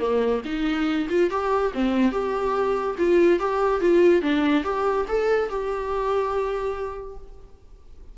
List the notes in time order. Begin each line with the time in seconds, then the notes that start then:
0.00 A#3
0.45 D#4
1.10 F4
1.31 G4
1.74 C4
2.12 G4
2.99 F4
3.40 G4
3.81 F4
4.22 D4
4.64 G4
5.09 A4
5.50 G4